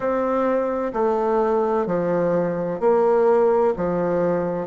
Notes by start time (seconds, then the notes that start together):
0.00 C4
0.93 A3
1.86 F3
2.80 A#3
3.76 F3